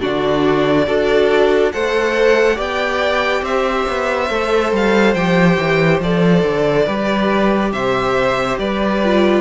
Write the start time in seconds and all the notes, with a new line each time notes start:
0.00 D3 D4 F#4 D5
0.86 D4 F#4 A4
1.72 A3 A4 C5 F#5
2.55 B3 G4 D5 G5
3.41 C4 C5 E5
3.88 B3
4.30 A3 A4
4.72 G3 F5
5.14 F3 G4 G5
5.58 E3
6.00 F3 A4 D5
6.43 D3
6.85 G3 G4 B4
7.72 C3 C5 E5
8.58 G3 B4 D5
9.04 F4